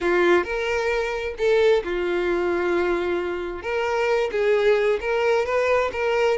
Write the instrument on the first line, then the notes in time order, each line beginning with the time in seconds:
violin
0.01 F4
0.44 A#4
1.37 A4
1.84 F4
3.62 A#4
4.31 G#4
5.00 A#4
5.45 B4
5.92 A#4